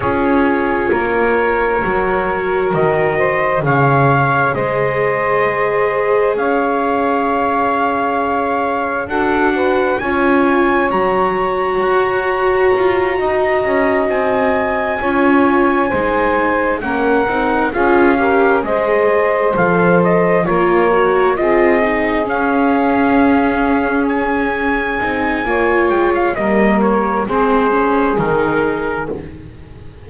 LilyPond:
<<
  \new Staff \with { instrumentName = "trumpet" } { \time 4/4 \tempo 4 = 66 cis''2. dis''4 | f''4 dis''2 f''4~ | f''2 fis''4 gis''4 | ais''2.~ ais''8 gis''8~ |
gis''2~ gis''8 fis''4 f''8~ | f''8 dis''4 f''8 dis''8 cis''4 dis''8~ | dis''8 f''2 gis''4.~ | gis''8 g''16 f''16 dis''8 cis''8 c''4 ais'4 | }
  \new Staff \with { instrumentName = "saxophone" } { \time 4/4 gis'4 ais'2~ ais'8 c''8 | cis''4 c''2 cis''4~ | cis''2 a'8 b'8 cis''4~ | cis''2~ cis''8 dis''4.~ |
dis''8 cis''4 c''4 ais'4 gis'8 | ais'8 c''2 ais'4 gis'8~ | gis'1 | cis''4 ais'4 gis'2 | }
  \new Staff \with { instrumentName = "viola" } { \time 4/4 f'2 fis'2 | gis'1~ | gis'2 fis'4 f'4 | fis'1~ |
fis'8 f'4 dis'4 cis'8 dis'8 f'8 | g'8 gis'4 a'4 f'8 fis'8 f'8 | dis'8 cis'2. dis'8 | f'4 ais4 c'8 cis'8 dis'4 | }
  \new Staff \with { instrumentName = "double bass" } { \time 4/4 cis'4 ais4 fis4 dis4 | cis4 gis2 cis'4~ | cis'2 d'4 cis'4 | fis4 fis'4 f'8 dis'8 cis'8 c'8~ |
c'8 cis'4 gis4 ais8 c'8 cis'8~ | cis'8 gis4 f4 ais4 c'8~ | c'8 cis'2. c'8 | ais8 gis8 g4 gis4 dis4 | }
>>